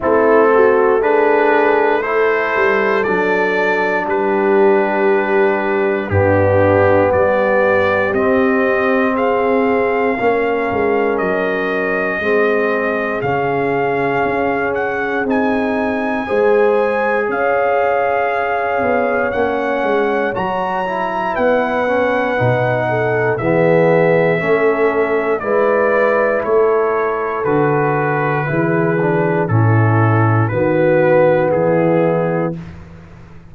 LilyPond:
<<
  \new Staff \with { instrumentName = "trumpet" } { \time 4/4 \tempo 4 = 59 a'4 b'4 c''4 d''4 | b'2 g'4 d''4 | dis''4 f''2 dis''4~ | dis''4 f''4. fis''8 gis''4~ |
gis''4 f''2 fis''4 | ais''4 fis''2 e''4~ | e''4 d''4 cis''4 b'4~ | b'4 a'4 b'4 gis'4 | }
  \new Staff \with { instrumentName = "horn" } { \time 4/4 e'8 fis'8 gis'4 a'2 | g'2 d'4 g'4~ | g'4 gis'4 ais'2 | gis'1 |
c''4 cis''2.~ | cis''4 b'4. a'8 gis'4 | a'4 b'4 a'2 | gis'4 e'4 fis'4 e'4 | }
  \new Staff \with { instrumentName = "trombone" } { \time 4/4 c'4 d'4 e'4 d'4~ | d'2 b2 | c'2 cis'2 | c'4 cis'2 dis'4 |
gis'2. cis'4 | fis'8 e'4 cis'8 dis'4 b4 | cis'4 e'2 fis'4 | e'8 d'8 cis'4 b2 | }
  \new Staff \with { instrumentName = "tuba" } { \time 4/4 a2~ a8 g8 fis4 | g2 g,4 g4 | c'2 ais8 gis8 fis4 | gis4 cis4 cis'4 c'4 |
gis4 cis'4. b8 ais8 gis8 | fis4 b4 b,4 e4 | a4 gis4 a4 d4 | e4 a,4 dis4 e4 | }
>>